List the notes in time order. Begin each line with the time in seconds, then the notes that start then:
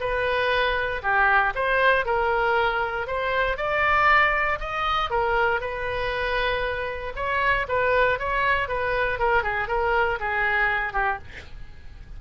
0.00 B4
1.02 G4
1.55 C5
2.05 A#4
3.07 C5
3.57 D5
4.59 D#5
5.10 A#4
5.60 B4
7.15 C#5
7.68 B4
8.19 C#5
8.68 B4
9.19 A#4
9.43 G#4
9.68 A#4
10.20 G#4
10.93 G4